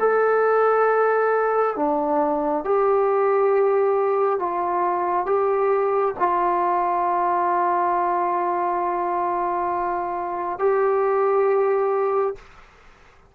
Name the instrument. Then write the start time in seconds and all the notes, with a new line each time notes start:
trombone
0.00 A4
1.76 D4
2.65 G4
4.39 F4
5.26 G4
6.19 F4
10.59 G4